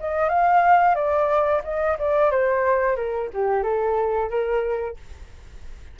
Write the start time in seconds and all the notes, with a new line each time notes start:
0.00 D#5
0.29 F5
0.95 D5
1.64 D#5
1.99 D5
2.31 C5
2.97 A#4
3.34 G4
3.63 A4
4.30 A#4